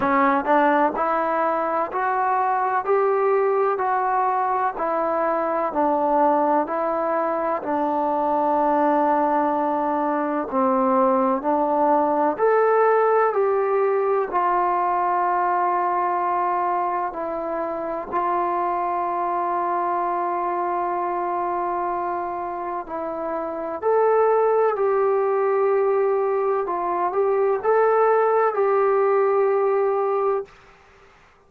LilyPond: \new Staff \with { instrumentName = "trombone" } { \time 4/4 \tempo 4 = 63 cis'8 d'8 e'4 fis'4 g'4 | fis'4 e'4 d'4 e'4 | d'2. c'4 | d'4 a'4 g'4 f'4~ |
f'2 e'4 f'4~ | f'1 | e'4 a'4 g'2 | f'8 g'8 a'4 g'2 | }